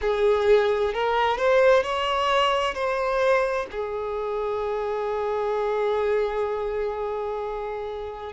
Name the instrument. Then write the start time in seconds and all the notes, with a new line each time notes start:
violin
0.01 G#4
0.93 A#4
1.37 C5
1.83 C#5
2.74 C5
3.71 G#4